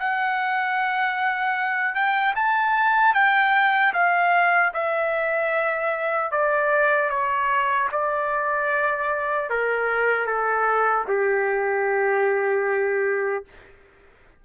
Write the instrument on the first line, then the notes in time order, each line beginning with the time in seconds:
trumpet
0.00 F#5
1.95 G5
2.36 A5
3.15 G5
3.94 F5
4.74 E5
6.32 D5
7.10 C#5
7.92 D5
9.50 A#4
10.26 A4
11.08 G4